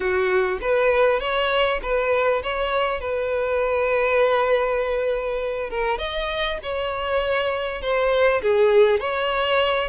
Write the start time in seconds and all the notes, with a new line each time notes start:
0.00 F#4
0.61 B4
1.19 C#5
1.82 B4
2.42 C#5
3.00 B4
5.70 A#4
5.98 D#5
6.62 C#5
7.81 C5
8.42 G#4
9.00 C#5